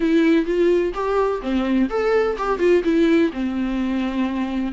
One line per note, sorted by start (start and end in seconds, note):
0.00 0.45 E4
0.45 0.92 F4
0.94 1.41 G4
1.42 1.89 C4
1.89 2.36 A4
2.37 2.59 G4
2.59 2.82 F4
2.83 3.31 E4
3.32 4.72 C4